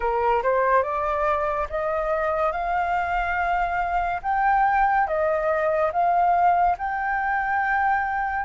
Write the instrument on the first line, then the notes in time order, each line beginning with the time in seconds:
flute
0.00 A#4
0.42 C5
0.83 D5
1.69 D#5
2.52 F5
4.22 G5
5.07 D#5
5.92 F5
6.78 G5